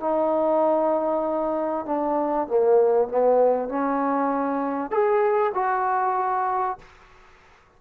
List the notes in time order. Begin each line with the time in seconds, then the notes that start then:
0.00 D#4
1.86 D4
2.48 A#3
3.08 B3
3.69 C#4
4.91 G#4
5.54 F#4